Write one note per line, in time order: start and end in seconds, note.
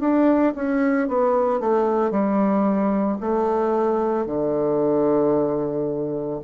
0.00 0.54 D4
0.56 1.08 C#4
1.08 1.60 B3
1.60 2.11 A3
2.11 3.18 G3
3.20 4.27 A3
4.27 6.41 D3